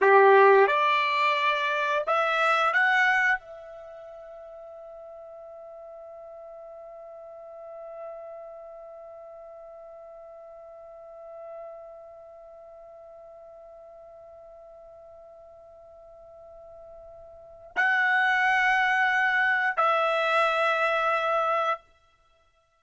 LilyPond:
\new Staff \with { instrumentName = "trumpet" } { \time 4/4 \tempo 4 = 88 g'4 d''2 e''4 | fis''4 e''2.~ | e''1~ | e''1~ |
e''1~ | e''1~ | e''2 fis''2~ | fis''4 e''2. | }